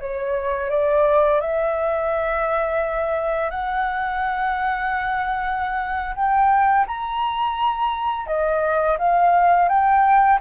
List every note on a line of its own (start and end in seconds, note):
0.00 0.70 C#5
0.70 1.41 D5
1.41 3.50 E5
3.50 6.15 F#5
6.16 6.87 G5
6.88 8.27 A#5
8.27 8.98 D#5
8.98 9.69 F5
9.69 10.40 G5